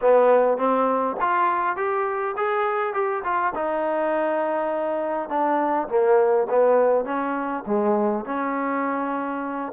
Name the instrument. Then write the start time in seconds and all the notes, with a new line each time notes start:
trombone
0.01 B3
0.57 C4
1.20 F4
1.76 G4
2.36 G#4
2.93 G4
3.24 F4
3.55 D#4
5.29 D4
5.88 A#3
6.49 B3
7.04 C#4
7.66 G#3
8.25 C#4